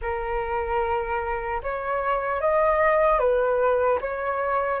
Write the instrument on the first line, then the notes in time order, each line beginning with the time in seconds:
flute
0.01 A#4
1.62 C#5
2.40 D#5
3.19 B4
4.00 C#5